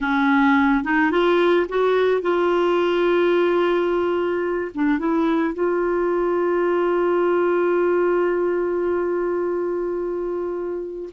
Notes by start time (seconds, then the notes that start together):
0.00 C#4
0.84 D#4
1.11 F4
1.68 F#4
2.21 F4
4.74 D4
4.98 E4
5.54 F4